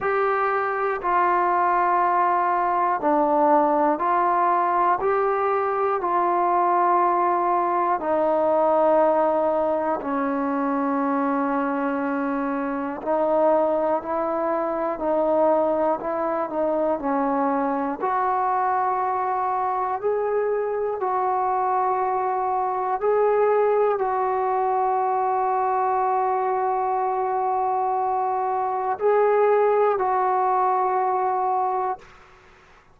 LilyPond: \new Staff \with { instrumentName = "trombone" } { \time 4/4 \tempo 4 = 60 g'4 f'2 d'4 | f'4 g'4 f'2 | dis'2 cis'2~ | cis'4 dis'4 e'4 dis'4 |
e'8 dis'8 cis'4 fis'2 | gis'4 fis'2 gis'4 | fis'1~ | fis'4 gis'4 fis'2 | }